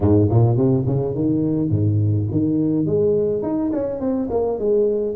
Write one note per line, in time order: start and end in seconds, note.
0.00 0.28 G#2
0.30 0.56 A#2
0.56 0.84 C3
0.86 1.14 C#3
1.14 1.69 D#3
1.69 2.26 G#2
2.31 2.85 D#3
2.85 3.42 G#3
3.42 3.71 D#4
3.72 4.00 C#4
4.00 4.28 C4
4.30 4.58 A#3
4.58 5.16 G#3